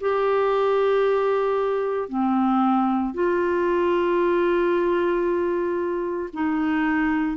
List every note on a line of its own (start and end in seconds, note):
0.00 2.09 G4
2.09 3.13 C4
3.13 6.29 F4
6.33 7.37 D#4